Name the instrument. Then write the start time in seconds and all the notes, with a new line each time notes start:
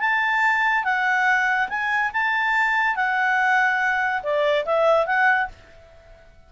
clarinet
0.00 A5
0.84 F#5
1.69 G#5
2.13 A5
2.96 F#5
4.23 D5
4.66 E5
5.06 F#5